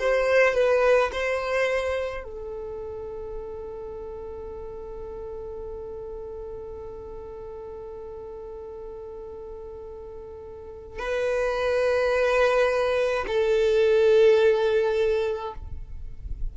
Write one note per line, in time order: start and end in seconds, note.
0.00 0.55 C5
0.55 1.12 B4
1.12 2.24 C5
2.24 11.00 A4
11.00 13.26 B4
13.28 15.54 A4